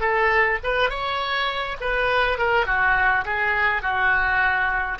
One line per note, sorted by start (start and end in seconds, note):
0.00 0.58 A4
0.63 0.90 B4
0.90 1.77 C#5
1.80 2.38 B4
2.38 2.66 A#4
2.66 3.24 F#4
3.25 3.82 G#4
3.82 4.99 F#4